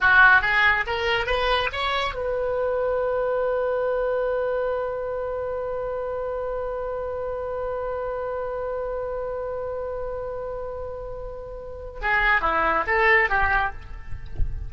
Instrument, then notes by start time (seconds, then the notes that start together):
oboe
0.01 F#4
0.41 G#4
0.86 A#4
1.26 B4
1.72 C#5
2.14 B4
12.01 G#4
12.41 E4
12.86 A4
13.29 G4